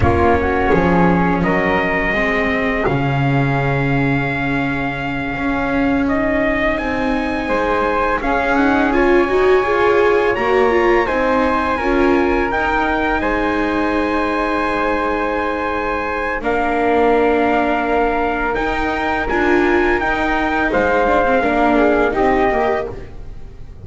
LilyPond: <<
  \new Staff \with { instrumentName = "trumpet" } { \time 4/4 \tempo 4 = 84 cis''2 dis''2 | f''1~ | f''8 dis''4 gis''2 f''8 | fis''8 gis''2 ais''4 gis''8~ |
gis''4. g''4 gis''4.~ | gis''2. f''4~ | f''2 g''4 gis''4 | g''4 f''2 dis''4 | }
  \new Staff \with { instrumentName = "flute" } { \time 4/4 f'8 fis'8 gis'4 ais'4 gis'4~ | gis'1~ | gis'2~ gis'8 c''4 gis'8~ | gis'8 cis''2. c''8~ |
c''8 ais'2 c''4.~ | c''2. ais'4~ | ais'1~ | ais'4 c''4 ais'8 gis'8 g'4 | }
  \new Staff \with { instrumentName = "viola" } { \time 4/4 cis'2. c'4 | cis'1~ | cis'8 dis'2. cis'8 | dis'8 f'8 fis'8 gis'4 fis'8 f'8 dis'8~ |
dis'8 f'4 dis'2~ dis'8~ | dis'2. d'4~ | d'2 dis'4 f'4 | dis'4. d'16 c'16 d'4 dis'8 g'8 | }
  \new Staff \with { instrumentName = "double bass" } { \time 4/4 ais4 f4 fis4 gis4 | cis2.~ cis8 cis'8~ | cis'4. c'4 gis4 cis'8~ | cis'4 dis'8 f'4 ais4 c'8~ |
c'8 cis'4 dis'4 gis4.~ | gis2. ais4~ | ais2 dis'4 d'4 | dis'4 gis4 ais4 c'8 ais8 | }
>>